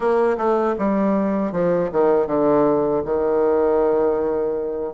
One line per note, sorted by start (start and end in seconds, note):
0.00 0.37 A#3
0.37 0.75 A3
0.78 1.52 G3
1.52 1.90 F3
1.92 2.26 D#3
2.26 3.02 D3
3.04 4.93 D#3